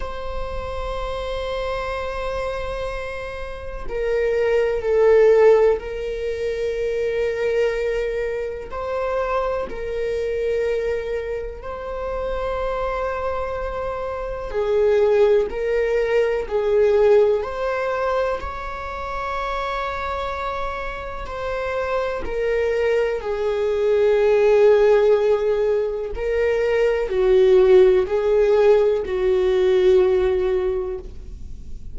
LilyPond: \new Staff \with { instrumentName = "viola" } { \time 4/4 \tempo 4 = 62 c''1 | ais'4 a'4 ais'2~ | ais'4 c''4 ais'2 | c''2. gis'4 |
ais'4 gis'4 c''4 cis''4~ | cis''2 c''4 ais'4 | gis'2. ais'4 | fis'4 gis'4 fis'2 | }